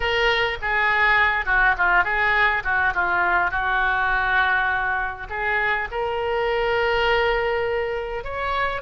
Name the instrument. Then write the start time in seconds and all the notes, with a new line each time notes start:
oboe
0.00 A#4
0.61 G#4
1.45 F#4
1.77 F4
2.04 G#4
2.64 F#4
2.94 F4
3.50 F#4
5.29 G#4
5.91 A#4
8.24 C#5